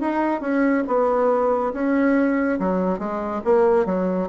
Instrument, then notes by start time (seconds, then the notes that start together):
bassoon
0.00 D#4
0.41 C#4
0.87 B3
1.73 C#4
2.59 F#3
2.98 G#3
3.44 A#3
3.86 F#3